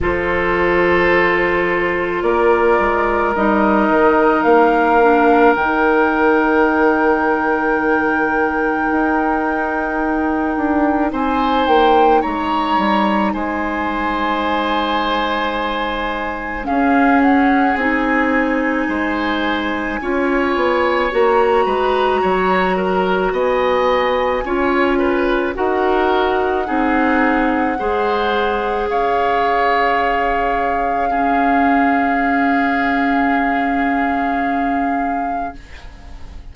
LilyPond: <<
  \new Staff \with { instrumentName = "flute" } { \time 4/4 \tempo 4 = 54 c''2 d''4 dis''4 | f''4 g''2.~ | g''2 gis''8 g''8 ais''4 | gis''2. f''8 fis''8 |
gis''2. ais''4~ | ais''4 gis''2 fis''4~ | fis''2 f''2~ | f''1 | }
  \new Staff \with { instrumentName = "oboe" } { \time 4/4 a'2 ais'2~ | ais'1~ | ais'2 c''4 cis''4 | c''2. gis'4~ |
gis'4 c''4 cis''4. b'8 | cis''8 ais'8 dis''4 cis''8 b'8 ais'4 | gis'4 c''4 cis''2 | gis'1 | }
  \new Staff \with { instrumentName = "clarinet" } { \time 4/4 f'2. dis'4~ | dis'8 d'8 dis'2.~ | dis'1~ | dis'2. cis'4 |
dis'2 f'4 fis'4~ | fis'2 f'4 fis'4 | dis'4 gis'2. | cis'1 | }
  \new Staff \with { instrumentName = "bassoon" } { \time 4/4 f2 ais8 gis8 g8 dis8 | ais4 dis2. | dis'4. d'8 c'8 ais8 gis8 g8 | gis2. cis'4 |
c'4 gis4 cis'8 b8 ais8 gis8 | fis4 b4 cis'4 dis'4 | c'4 gis4 cis'2~ | cis'1 | }
>>